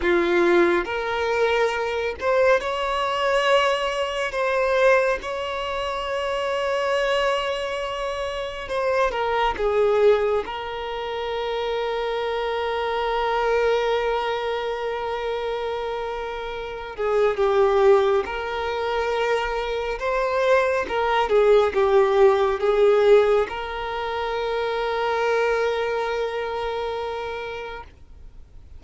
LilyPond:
\new Staff \with { instrumentName = "violin" } { \time 4/4 \tempo 4 = 69 f'4 ais'4. c''8 cis''4~ | cis''4 c''4 cis''2~ | cis''2 c''8 ais'8 gis'4 | ais'1~ |
ais'2.~ ais'8 gis'8 | g'4 ais'2 c''4 | ais'8 gis'8 g'4 gis'4 ais'4~ | ais'1 | }